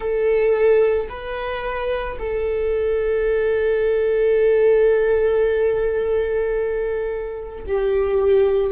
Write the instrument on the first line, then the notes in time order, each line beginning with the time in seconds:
viola
0.00 A4
1.09 B4
2.18 A4
7.67 G4